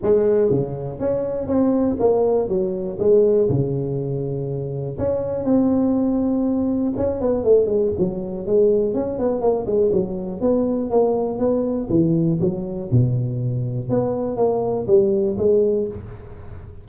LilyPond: \new Staff \with { instrumentName = "tuba" } { \time 4/4 \tempo 4 = 121 gis4 cis4 cis'4 c'4 | ais4 fis4 gis4 cis4~ | cis2 cis'4 c'4~ | c'2 cis'8 b8 a8 gis8 |
fis4 gis4 cis'8 b8 ais8 gis8 | fis4 b4 ais4 b4 | e4 fis4 b,2 | b4 ais4 g4 gis4 | }